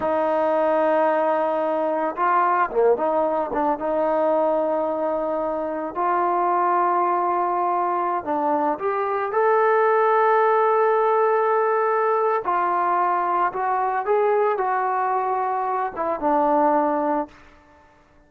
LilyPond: \new Staff \with { instrumentName = "trombone" } { \time 4/4 \tempo 4 = 111 dis'1 | f'4 ais8 dis'4 d'8 dis'4~ | dis'2. f'4~ | f'2.~ f'16 d'8.~ |
d'16 g'4 a'2~ a'8.~ | a'2. f'4~ | f'4 fis'4 gis'4 fis'4~ | fis'4. e'8 d'2 | }